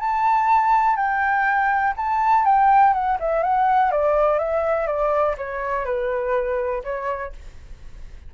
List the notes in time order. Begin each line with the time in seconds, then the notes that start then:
0.00 A5
0.96 G5
1.97 A5
2.45 G5
2.94 F#5
3.20 E5
3.43 F#5
3.91 D5
4.39 E5
4.87 D5
5.37 C#5
5.85 B4
6.84 C#5